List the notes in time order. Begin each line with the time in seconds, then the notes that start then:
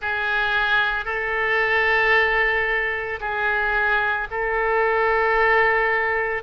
0.01 G#4
1.05 A4
3.20 G#4
4.31 A4